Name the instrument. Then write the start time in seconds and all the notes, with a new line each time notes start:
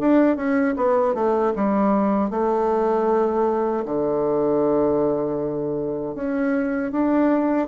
bassoon
0.00 D4
0.36 C#4
0.77 B3
1.15 A3
1.56 G3
2.30 A3
3.85 D3
6.15 C#4
6.92 D4